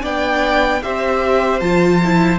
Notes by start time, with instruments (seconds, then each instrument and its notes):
0.00 cello B3, viola D4, violin D5 G5
0.82 cello C4, viola G4, violin C5 E5
1.60 cello F3, viola F4, violin A5
2.03 viola E4